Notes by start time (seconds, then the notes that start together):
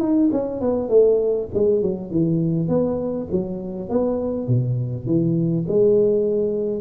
0.00 D#4
0.32 C#4
0.61 B3
0.89 A3
1.54 G#3
1.82 F#3
2.11 E3
2.68 B3
3.31 F#3
3.89 B3
4.47 B2
5.06 E3
5.68 G#3